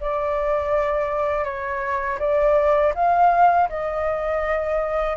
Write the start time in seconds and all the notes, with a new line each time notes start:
0.00 D5
1.44 C#5
2.19 D5
2.95 F5
3.69 D#5